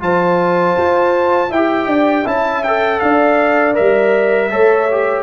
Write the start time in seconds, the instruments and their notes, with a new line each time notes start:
0.00 tuba F3, trombone F4, horn C5, trumpet A5
0.77 tuba F4
1.50 tuba E4, trombone G4, horn E5, trumpet G5
1.86 tuba D4, horn D5
2.24 tuba C#4, trombone E4, horn E5, trumpet A5
2.64 trombone A4, trumpet G5
3.00 tuba D4, horn D5, trumpet F5
3.75 tuba G3, trombone A#4, trumpet E5
4.51 tuba A3, trombone A4, horn C#5
4.91 trombone G4